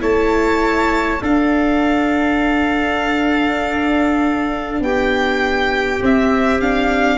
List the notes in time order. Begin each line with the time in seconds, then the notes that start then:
0.00 A3 E4 C#5 A5
1.22 D4 A4 F5
4.80 B3 G4 G5
6.01 C4 E5
6.61 D4 F5